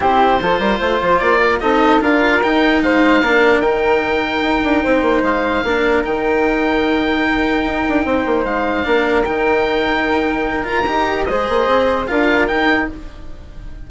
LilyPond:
<<
  \new Staff \with { instrumentName = "oboe" } { \time 4/4 \tempo 4 = 149 c''2. d''4 | dis''4 f''4 g''4 f''4~ | f''4 g''2.~ | g''4 f''2 g''4~ |
g''1~ | g''4 f''2 g''4~ | g''2~ g''8 ais''4. | dis''2 f''4 g''4 | }
  \new Staff \with { instrumentName = "flute" } { \time 4/4 g'4 a'8 ais'8 c''4. ais'8 | a'4 ais'2 c''4 | ais'1 | c''2 ais'2~ |
ais'1 | c''2 ais'2~ | ais'1 | c''2 ais'2 | }
  \new Staff \with { instrumentName = "cello" } { \time 4/4 e'4 f'2. | dis'4 f'4 dis'2 | d'4 dis'2.~ | dis'2 d'4 dis'4~ |
dis'1~ | dis'2 d'4 dis'4~ | dis'2~ dis'8 f'8 g'4 | gis'2 f'4 dis'4 | }
  \new Staff \with { instrumentName = "bassoon" } { \time 4/4 c'4 f8 g8 a8 f8 ais4 | c'4 d'4 dis'4 gis4 | ais4 dis2 dis'8 d'8 | c'8 ais8 gis4 ais4 dis4~ |
dis2. dis'8 d'8 | c'8 ais8 gis4 ais4 dis4~ | dis2. dis'4 | gis8 ais8 c'4 d'4 dis'4 | }
>>